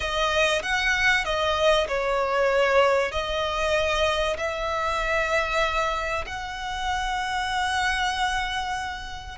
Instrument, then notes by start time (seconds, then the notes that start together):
violin
0.00 D#5
0.62 F#5
1.24 D#5
1.88 C#5
3.11 D#5
4.37 E5
6.26 F#5